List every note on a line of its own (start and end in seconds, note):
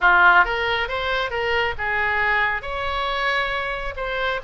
0.00 0.44 F4
0.45 0.88 A#4
0.88 1.30 C5
1.30 1.74 A#4
1.77 2.62 G#4
2.62 3.94 C#5
3.96 4.40 C5